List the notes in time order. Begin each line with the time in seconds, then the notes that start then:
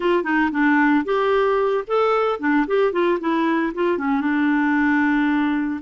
0.00 F4
0.23 D#4
0.51 D4
1.05 G4
1.87 A4
2.39 D4
2.67 G4
2.92 F4
3.20 E4
3.74 F4
3.98 C#4
4.21 D4